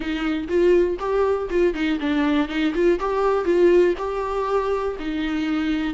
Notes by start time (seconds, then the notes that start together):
0.00 D#4
0.48 F4
0.99 G4
1.49 F4
1.74 D#4
2.00 D4
2.48 D#4
2.74 F4
2.99 G4
3.44 F4
3.97 G4
4.99 D#4